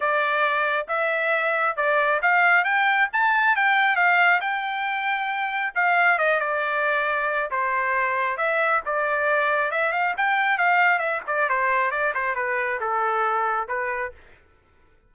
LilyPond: \new Staff \with { instrumentName = "trumpet" } { \time 4/4 \tempo 4 = 136 d''2 e''2 | d''4 f''4 g''4 a''4 | g''4 f''4 g''2~ | g''4 f''4 dis''8 d''4.~ |
d''4 c''2 e''4 | d''2 e''8 f''8 g''4 | f''4 e''8 d''8 c''4 d''8 c''8 | b'4 a'2 b'4 | }